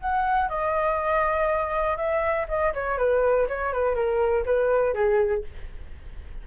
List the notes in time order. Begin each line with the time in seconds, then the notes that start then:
0.00 F#5
0.49 D#5
1.97 E5
2.48 D#5
2.73 C#5
2.98 B4
3.48 C#5
3.72 B4
3.95 A#4
4.45 B4
4.94 G#4